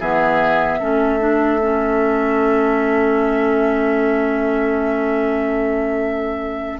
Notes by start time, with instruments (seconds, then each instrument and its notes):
0.00 bassoon E3, clarinet B3, oboe G#4, flute E5
0.80 bassoon A3, clarinet C#4, oboe A4
1.20 clarinet D4
1.62 clarinet C#4